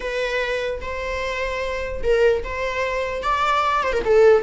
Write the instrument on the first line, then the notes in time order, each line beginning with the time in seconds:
viola
0.00 B4
0.81 C5
2.03 A#4
2.43 C5
3.22 D5
3.83 C5
3.92 A#4
4.05 A4